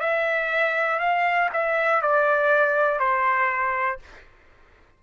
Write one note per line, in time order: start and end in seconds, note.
0.00 1.00 E5
1.00 1.50 F5
1.53 2.02 E5
2.02 3.00 D5
3.00 4.00 C5